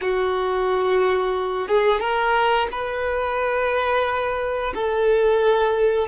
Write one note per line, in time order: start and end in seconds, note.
0.01 1.68 F#4
1.68 2.00 G#4
2.00 2.67 A#4
2.71 4.73 B4
4.74 6.07 A4